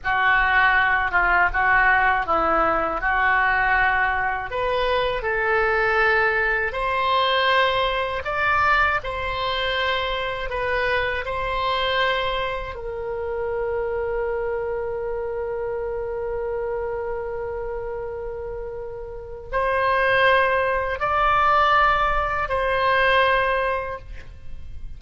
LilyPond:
\new Staff \with { instrumentName = "oboe" } { \time 4/4 \tempo 4 = 80 fis'4. f'8 fis'4 e'4 | fis'2 b'4 a'4~ | a'4 c''2 d''4 | c''2 b'4 c''4~ |
c''4 ais'2.~ | ais'1~ | ais'2 c''2 | d''2 c''2 | }